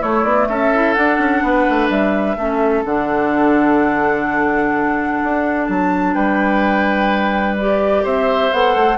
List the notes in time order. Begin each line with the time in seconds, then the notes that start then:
0.00 A3 E4 C#5
0.24 B3 D5
0.49 C#4 A4 E5
0.74 E4
0.94 D4 F#5
1.18 C#4
1.42 B3 B4
1.70 A3
1.90 G3 E5
2.36 A3 C#4 A4
2.85 D3 D4 F#5
5.23 D4
5.67 F#3 A5
6.14 G3 B4 G5
7.58 G4 D5
8.04 C4 C5 E5
8.53 B3 A4 F#5
8.76 A3